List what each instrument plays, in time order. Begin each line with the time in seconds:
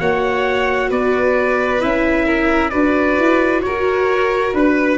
0.00 tuba A#3, viola F#4, violin C#5, trumpet F#5
0.90 tuba B3, violin B4, trumpet D5
1.81 tuba C#4, viola E4, trumpet E5
2.26 violin A#4
2.70 tuba D4, viola F#4, violin B4, trumpet D5
3.19 tuba E4
3.62 violin A#4, trumpet C#5
3.68 tuba F#4
4.54 tuba D4, trumpet B4, violin B4